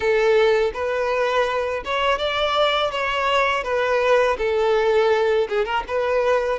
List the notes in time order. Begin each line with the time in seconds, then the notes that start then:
0.00 A4
0.73 B4
1.84 C#5
2.18 D5
2.91 C#5
3.63 B4
4.38 A4
5.48 G#4
5.65 A#4
5.87 B4